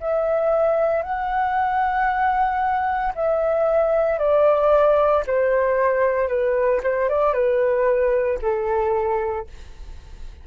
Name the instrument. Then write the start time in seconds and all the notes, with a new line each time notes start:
flute
0.00 E5
1.02 F#5
3.15 E5
4.18 D5
5.26 C5
6.28 B4
6.83 C5
7.09 D5
7.33 B4
8.41 A4